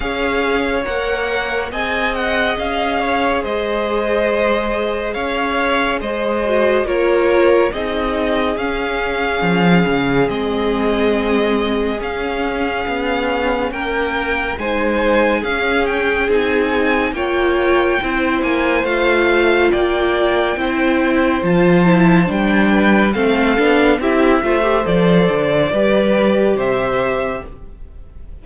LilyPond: <<
  \new Staff \with { instrumentName = "violin" } { \time 4/4 \tempo 4 = 70 f''4 fis''4 gis''8 fis''8 f''4 | dis''2 f''4 dis''4 | cis''4 dis''4 f''2 | dis''2 f''2 |
g''4 gis''4 f''8 g''8 gis''4 | g''4. gis''8 f''4 g''4~ | g''4 a''4 g''4 f''4 | e''4 d''2 e''4 | }
  \new Staff \with { instrumentName = "violin" } { \time 4/4 cis''2 dis''4. cis''8 | c''2 cis''4 c''4 | ais'4 gis'2.~ | gis'1 |
ais'4 c''4 gis'2 | cis''4 c''2 d''4 | c''2~ c''8 b'8 a'4 | g'8 c''4. b'4 c''4 | }
  \new Staff \with { instrumentName = "viola" } { \time 4/4 gis'4 ais'4 gis'2~ | gis'2.~ gis'8 fis'8 | f'4 dis'4 cis'2 | c'2 cis'2~ |
cis'4 dis'4 cis'4 dis'4 | f'4 e'4 f'2 | e'4 f'8 e'8 d'4 c'8 d'8 | e'8 f'16 g'16 a'4 g'2 | }
  \new Staff \with { instrumentName = "cello" } { \time 4/4 cis'4 ais4 c'4 cis'4 | gis2 cis'4 gis4 | ais4 c'4 cis'4 f8 cis8 | gis2 cis'4 b4 |
ais4 gis4 cis'4 c'4 | ais4 c'8 ais8 a4 ais4 | c'4 f4 g4 a8 b8 | c'8 a8 f8 d8 g4 c4 | }
>>